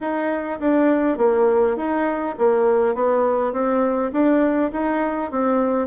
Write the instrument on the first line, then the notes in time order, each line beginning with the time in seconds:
bassoon
0.01 D#4
0.60 D4
1.17 A#3
1.76 D#4
2.38 A#3
2.94 B3
3.52 C4
4.12 D4
4.72 D#4
5.31 C4